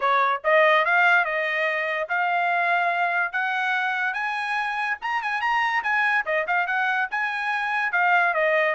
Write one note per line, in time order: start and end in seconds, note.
0.00 0.41 C#5
0.43 0.85 D#5
0.85 1.24 F5
1.24 2.08 D#5
2.09 3.32 F5
3.32 4.13 F#5
4.13 4.97 G#5
5.01 5.22 A#5
5.22 5.41 G#5
5.41 5.82 A#5
5.83 6.24 G#5
6.25 6.46 D#5
6.47 6.66 F5
6.66 7.08 F#5
7.10 7.92 G#5
7.92 8.33 F5
8.34 8.74 D#5